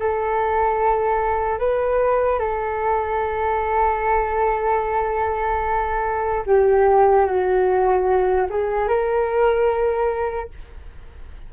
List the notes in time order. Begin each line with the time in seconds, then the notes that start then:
0.00 A4
1.60 B4
2.40 A4
6.46 G4
7.26 F#4
8.50 G#4
8.88 A#4